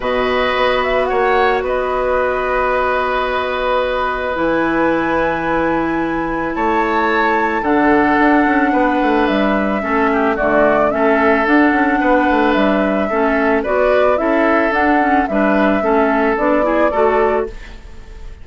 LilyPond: <<
  \new Staff \with { instrumentName = "flute" } { \time 4/4 \tempo 4 = 110 dis''4. e''8 fis''4 dis''4~ | dis''1 | gis''1 | a''2 fis''2~ |
fis''4 e''2 d''4 | e''4 fis''2 e''4~ | e''4 d''4 e''4 fis''4 | e''2 d''2 | }
  \new Staff \with { instrumentName = "oboe" } { \time 4/4 b'2 cis''4 b'4~ | b'1~ | b'1 | cis''2 a'2 |
b'2 a'8 g'8 fis'4 | a'2 b'2 | a'4 b'4 a'2 | b'4 a'4. gis'8 a'4 | }
  \new Staff \with { instrumentName = "clarinet" } { \time 4/4 fis'1~ | fis'1 | e'1~ | e'2 d'2~ |
d'2 cis'4 a4 | cis'4 d'2. | cis'4 fis'4 e'4 d'8 cis'8 | d'4 cis'4 d'8 e'8 fis'4 | }
  \new Staff \with { instrumentName = "bassoon" } { \time 4/4 b,4 b4 ais4 b4~ | b1 | e1 | a2 d4 d'8 cis'8 |
b8 a8 g4 a4 d4 | a4 d'8 cis'8 b8 a8 g4 | a4 b4 cis'4 d'4 | g4 a4 b4 a4 | }
>>